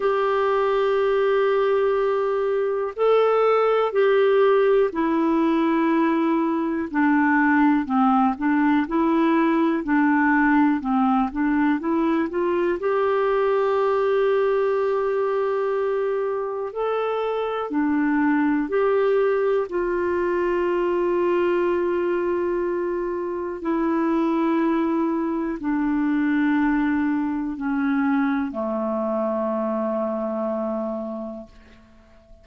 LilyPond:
\new Staff \with { instrumentName = "clarinet" } { \time 4/4 \tempo 4 = 61 g'2. a'4 | g'4 e'2 d'4 | c'8 d'8 e'4 d'4 c'8 d'8 | e'8 f'8 g'2.~ |
g'4 a'4 d'4 g'4 | f'1 | e'2 d'2 | cis'4 a2. | }